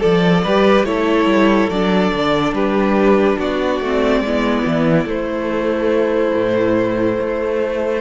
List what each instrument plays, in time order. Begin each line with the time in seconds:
0.00 cello F3, violin A4 D5, viola A4
0.44 cello G3, viola G4, violin B4
0.83 cello A3, viola E4, violin A4 C#5
1.26 cello G3
1.70 cello F#3, viola D4, violin D5
2.13 cello D3
2.53 cello G3, violin G4 B4
3.39 cello B3, violin F#4 D5
3.81 cello A3, viola C4
4.21 cello G#3, viola B3, violin E4
4.66 cello E3
5.05 cello A3, viola A3, violin C5
6.35 cello A2
7.21 cello A3